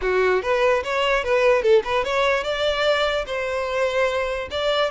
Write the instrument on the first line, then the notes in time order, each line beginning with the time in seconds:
violin
0.01 F#4
0.42 B4
0.83 C#5
1.24 B4
1.62 A4
1.84 B4
2.04 C#5
2.43 D5
3.26 C5
4.51 D5